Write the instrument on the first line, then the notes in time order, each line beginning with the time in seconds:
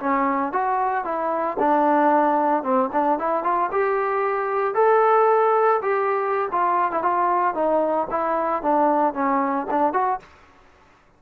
trombone
0.00 C#4
0.53 F#4
1.05 E4
1.60 D4
2.64 C4
2.93 D4
3.19 E4
3.44 F4
3.72 G4
4.75 A4
5.82 G4
6.52 F4
6.92 E4
7.03 F4
7.55 D#4
8.11 E4
8.63 D4
9.14 C#4
9.71 D4
9.94 F#4